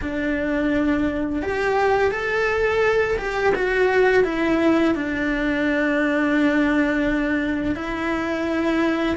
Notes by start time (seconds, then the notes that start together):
0.01 D4
1.42 G4
2.11 A4
3.18 G4
3.55 F#4
4.24 E4
4.94 D4
7.75 E4